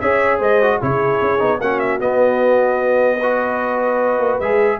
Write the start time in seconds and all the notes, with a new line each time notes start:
0.00 C#4 G#4 C#5 E5
0.38 G#3 C5 D#5
0.62 F#4
0.79 C#3 E4 G#4 C#5
1.21 C#4
1.39 B3 D#4
1.60 A#3 C#4 F#4 F#5
1.79 E5
2.00 B3 D#5
3.17 F#4 B4
4.19 A#3
4.40 G#3 G#4 E5